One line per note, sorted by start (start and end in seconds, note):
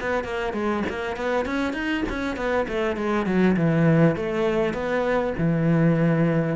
0.00 0.24 B3
0.24 0.53 A#3
0.53 0.83 G#3
0.89 1.16 A#3
1.16 1.45 B3
1.45 1.73 C#4
1.73 2.03 D#4
2.09 2.36 C#4
2.36 2.66 B3
2.68 2.96 A3
2.96 3.26 G#3
3.26 3.56 F#3
3.56 4.16 E3
4.16 4.73 A3
4.73 5.33 B3
5.38 6.56 E3